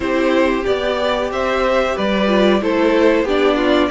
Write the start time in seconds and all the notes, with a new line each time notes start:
0.00 C4 E4 G4 C5
0.65 B3 G4 D5
1.31 C4 C5 E5
1.95 G3 B4 D5
2.27 F4
2.61 A3 E4 A4 C5
3.23 B3 D4 G4 D5
3.57 F4